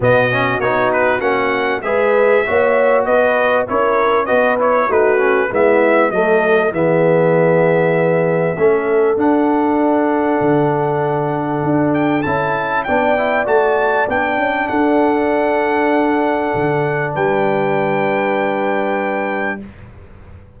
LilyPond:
<<
  \new Staff \with { instrumentName = "trumpet" } { \time 4/4 \tempo 4 = 98 dis''4 cis''8 b'8 fis''4 e''4~ | e''4 dis''4 cis''4 dis''8 cis''8 | b'4 e''4 dis''4 e''4~ | e''2. fis''4~ |
fis''2.~ fis''8 g''8 | a''4 g''4 a''4 g''4 | fis''1 | g''1 | }
  \new Staff \with { instrumentName = "horn" } { \time 4/4 fis'2. b'4 | cis''4 b'4 ais'4 b'4 | fis'4 e'4 a'4 gis'4~ | gis'2 a'2~ |
a'1~ | a'4 d''2. | a'1 | b'1 | }
  \new Staff \with { instrumentName = "trombone" } { \time 4/4 b8 cis'8 dis'4 cis'4 gis'4 | fis'2 e'4 fis'8 e'8 | dis'8 cis'8 b4 a4 b4~ | b2 cis'4 d'4~ |
d'1 | e'4 d'8 e'8 fis'4 d'4~ | d'1~ | d'1 | }
  \new Staff \with { instrumentName = "tuba" } { \time 4/4 b,4 b4 ais4 gis4 | ais4 b4 cis'4 b4 | a4 gis4 fis4 e4~ | e2 a4 d'4~ |
d'4 d2 d'4 | cis'4 b4 a4 b8 cis'8 | d'2. d4 | g1 | }
>>